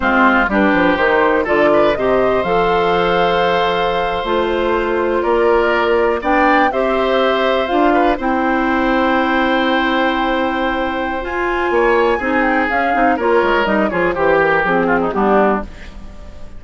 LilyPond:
<<
  \new Staff \with { instrumentName = "flute" } { \time 4/4 \tempo 4 = 123 c''4 b'4 c''4 d''4 | dis''4 f''2.~ | f''8. c''2 d''4~ d''16~ | d''8. g''4 e''2 f''16~ |
f''8. g''2.~ g''16~ | g''2. gis''4~ | gis''4. g''8 f''4 cis''4 | dis''8 cis''8 c''8 ais'8 gis'4 g'4 | }
  \new Staff \with { instrumentName = "oboe" } { \time 4/4 f'4 g'2 a'8 b'8 | c''1~ | c''2~ c''8. ais'4~ ais'16~ | ais'8. d''4 c''2~ c''16~ |
c''16 b'8 c''2.~ c''16~ | c''1 | cis''4 gis'2 ais'4~ | ais'8 gis'8 g'4. f'16 dis'16 d'4 | }
  \new Staff \with { instrumentName = "clarinet" } { \time 4/4 c'4 d'4 dis'4 f'4 | g'4 a'2.~ | a'8. f'2.~ f'16~ | f'8. d'4 g'2 f'16~ |
f'8. e'2.~ e'16~ | e'2. f'4~ | f'4 dis'4 cis'8 dis'8 f'4 | dis'8 f'8 g'4 c'4 b4 | }
  \new Staff \with { instrumentName = "bassoon" } { \time 4/4 gis4 g8 f8 dis4 d4 | c4 f2.~ | f8. a2 ais4~ ais16~ | ais8. b4 c'2 d'16~ |
d'8. c'2.~ c'16~ | c'2. f'4 | ais4 c'4 cis'8 c'8 ais8 gis8 | g8 f8 e4 f4 g4 | }
>>